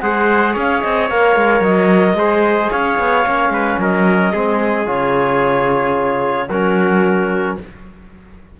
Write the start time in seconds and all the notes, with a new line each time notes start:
0.00 G#3 G#4 C5 F#5
0.53 C#4 C#5 F5
0.81 C4 D#5
1.09 A#3 A#4 F5
1.36 G#3
1.60 F#3 D#5
2.13 G#3 G#4 C5
2.70 C#4 C#5 F5
2.99 B3
3.26 A#3 C#4
3.49 G#3 B4
3.78 F#3 A#4 D#5
4.32 G#3 C4 G#4
4.85 C#3 F4 C#5
6.49 F#3 C#4 F#4 A#4